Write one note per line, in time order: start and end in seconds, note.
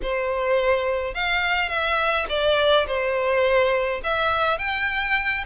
0.02 1.14 C5
1.14 1.69 F5
1.69 2.26 E5
2.29 2.86 D5
2.87 4.01 C5
4.03 4.58 E5
4.58 5.44 G5